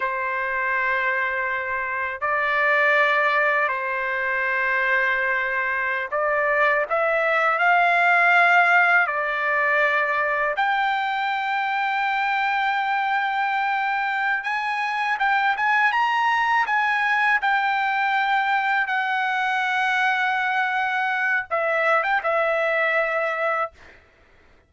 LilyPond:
\new Staff \with { instrumentName = "trumpet" } { \time 4/4 \tempo 4 = 81 c''2. d''4~ | d''4 c''2.~ | c''16 d''4 e''4 f''4.~ f''16~ | f''16 d''2 g''4.~ g''16~ |
g''2.~ g''8 gis''8~ | gis''8 g''8 gis''8 ais''4 gis''4 g''8~ | g''4. fis''2~ fis''8~ | fis''4 e''8. g''16 e''2 | }